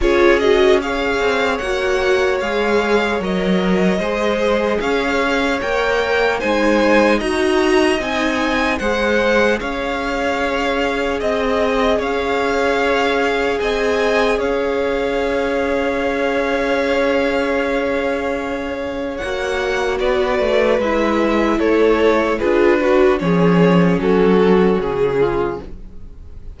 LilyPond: <<
  \new Staff \with { instrumentName = "violin" } { \time 4/4 \tempo 4 = 75 cis''8 dis''8 f''4 fis''4 f''4 | dis''2 f''4 g''4 | gis''4 ais''4 gis''4 fis''4 | f''2 dis''4 f''4~ |
f''4 gis''4 f''2~ | f''1 | fis''4 d''4 e''4 cis''4 | b'4 cis''4 a'4 gis'4 | }
  \new Staff \with { instrumentName = "violin" } { \time 4/4 gis'4 cis''2.~ | cis''4 c''4 cis''2 | c''4 dis''2 c''4 | cis''2 dis''4 cis''4~ |
cis''4 dis''4 cis''2~ | cis''1~ | cis''4 b'2 a'4 | gis'8 fis'8 gis'4 fis'4. f'8 | }
  \new Staff \with { instrumentName = "viola" } { \time 4/4 f'8 fis'8 gis'4 fis'4 gis'4 | ais'4 gis'2 ais'4 | dis'4 fis'4 dis'4 gis'4~ | gis'1~ |
gis'1~ | gis'1 | fis'2 e'2 | f'8 fis'8 cis'2. | }
  \new Staff \with { instrumentName = "cello" } { \time 4/4 cis'4. c'8 ais4 gis4 | fis4 gis4 cis'4 ais4 | gis4 dis'4 c'4 gis4 | cis'2 c'4 cis'4~ |
cis'4 c'4 cis'2~ | cis'1 | ais4 b8 a8 gis4 a4 | d'4 f4 fis4 cis4 | }
>>